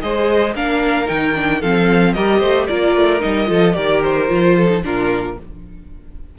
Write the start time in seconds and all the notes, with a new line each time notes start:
0.00 G#3 G#4 C5 D#5
0.54 A#3 D4 A#4 F5
1.06 D#3 D#4 G5
1.34 D4
1.60 F3 C4 A4 F5
2.13 G3 G4 A#4 D#5
2.38 A3 C5
2.67 A#3 F4 A#4 D5
2.95 A3
3.19 G3 D#4 D#5
3.45 F3 F4 A4
3.74 D#3 G4 A#4 D5
4.02 C5
4.27 F3 F4
4.56 A4
4.68 D#4
4.82 A#2 D4 F4 A#4